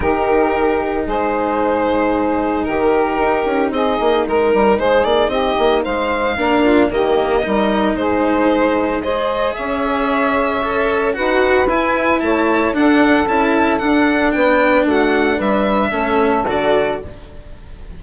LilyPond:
<<
  \new Staff \with { instrumentName = "violin" } { \time 4/4 \tempo 4 = 113 ais'2 c''2~ | c''4 ais'2 dis''4 | ais'4 c''8 d''8 dis''4 f''4~ | f''4 dis''2 c''4~ |
c''4 dis''4 e''2~ | e''4 fis''4 gis''4 a''4 | fis''4 a''4 fis''4 g''4 | fis''4 e''2 d''4 | }
  \new Staff \with { instrumentName = "saxophone" } { \time 4/4 g'2 gis'2~ | gis'4 g'2 gis'4 | ais'4 gis'4 g'4 c''4 | ais'8 f'8 g'4 ais'4 gis'4~ |
gis'4 c''4 cis''2~ | cis''4 b'2 cis''4 | a'2. b'4 | fis'4 b'4 a'2 | }
  \new Staff \with { instrumentName = "cello" } { \time 4/4 dis'1~ | dis'1~ | dis'1 | d'4 ais4 dis'2~ |
dis'4 gis'2. | a'4 fis'4 e'2 | d'4 e'4 d'2~ | d'2 cis'4 fis'4 | }
  \new Staff \with { instrumentName = "bassoon" } { \time 4/4 dis2 gis2~ | gis4 dis4 dis'8 cis'8 c'8 ais8 | gis8 g8 gis8 ais8 c'8 ais8 gis4 | ais4 dis4 g4 gis4~ |
gis2 cis'2~ | cis'4 dis'4 e'4 a4 | d'4 cis'4 d'4 b4 | a4 g4 a4 d4 | }
>>